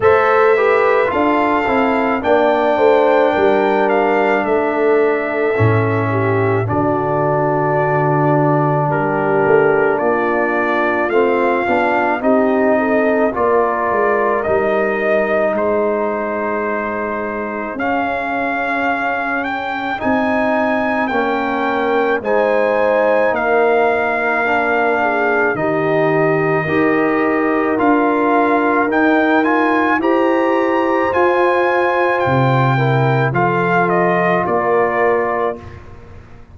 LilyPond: <<
  \new Staff \with { instrumentName = "trumpet" } { \time 4/4 \tempo 4 = 54 e''4 f''4 g''4. f''8 | e''2 d''2 | ais'4 d''4 f''4 dis''4 | d''4 dis''4 c''2 |
f''4. g''8 gis''4 g''4 | gis''4 f''2 dis''4~ | dis''4 f''4 g''8 gis''8 ais''4 | gis''4 g''4 f''8 dis''8 d''4 | }
  \new Staff \with { instrumentName = "horn" } { \time 4/4 c''8 b'8 a'4 d''8 c''8 ais'4 | a'4. g'8 fis'2 | g'4 f'2 g'8 a'8 | ais'2 gis'2~ |
gis'2. ais'4 | c''4 ais'4. gis'8 g'4 | ais'2. c''4~ | c''4. ais'8 a'4 ais'4 | }
  \new Staff \with { instrumentName = "trombone" } { \time 4/4 a'8 g'8 f'8 e'8 d'2~ | d'4 cis'4 d'2~ | d'2 c'8 d'8 dis'4 | f'4 dis'2. |
cis'2 dis'4 cis'4 | dis'2 d'4 dis'4 | g'4 f'4 dis'8 f'8 g'4 | f'4. e'8 f'2 | }
  \new Staff \with { instrumentName = "tuba" } { \time 4/4 a4 d'8 c'8 ais8 a8 g4 | a4 a,4 d2 | g8 a8 ais4 a8 b8 c'4 | ais8 gis8 g4 gis2 |
cis'2 c'4 ais4 | gis4 ais2 dis4 | dis'4 d'4 dis'4 e'4 | f'4 c4 f4 ais4 | }
>>